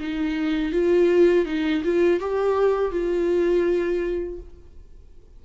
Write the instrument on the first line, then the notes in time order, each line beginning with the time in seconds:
viola
0.00 D#4
0.72 F4
1.46 D#4
1.84 F4
2.20 G4
2.91 F4